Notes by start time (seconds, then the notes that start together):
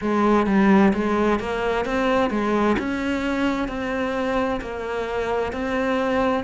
0.01 G#3
0.46 G3
0.93 G#3
1.39 A#3
1.85 C4
2.30 G#3
2.79 C#4
3.68 C4
4.60 A#3
5.52 C4